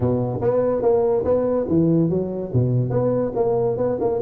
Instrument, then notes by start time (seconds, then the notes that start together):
tuba
0.00 B2
0.41 B3
0.81 A#3
1.24 B3
1.68 E3
2.09 F#3
2.53 B2
2.90 B3
3.35 A#3
3.77 B3
4.00 A#3